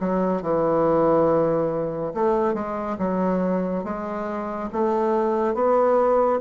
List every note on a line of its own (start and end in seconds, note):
0.00 0.42 F#3
0.42 2.14 E3
2.14 2.54 A3
2.54 2.97 G#3
2.98 3.84 F#3
3.84 4.70 G#3
4.73 5.54 A3
5.54 6.40 B3